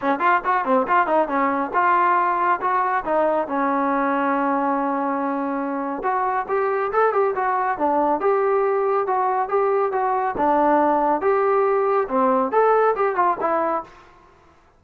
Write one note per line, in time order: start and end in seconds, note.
0.01 0.19 C#4
0.19 0.40 F4
0.44 0.64 F#4
0.64 0.86 C4
0.87 1.06 F4
1.06 1.27 D#4
1.27 1.71 C#4
1.73 2.60 F4
2.61 3.04 F#4
3.05 3.47 D#4
3.47 6.03 C#4
6.03 6.46 F#4
6.48 6.91 G4
6.92 7.12 A4
7.12 7.34 G4
7.35 7.78 F#4
7.78 8.20 D4
8.20 9.06 G4
9.06 9.48 F#4
9.48 9.92 G4
9.92 10.35 F#4
10.37 11.21 D4
11.21 12.07 G4
12.08 12.51 C4
12.51 12.95 A4
12.95 13.15 G4
13.15 13.37 F4
13.40 13.83 E4